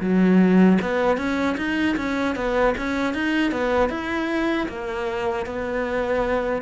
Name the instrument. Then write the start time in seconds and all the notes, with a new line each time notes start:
cello
0.00 F#3
0.81 B3
1.17 C#4
1.57 D#4
1.96 C#4
2.35 B3
2.77 C#4
3.14 D#4
3.51 B3
3.89 E4
4.68 A#3
5.46 B3